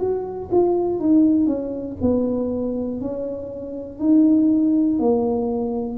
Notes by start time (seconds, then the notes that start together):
0.00 F#4
0.51 F4
1.00 D#4
1.47 C#4
2.02 B3
3.01 C#4
4.00 D#4
5.00 A#3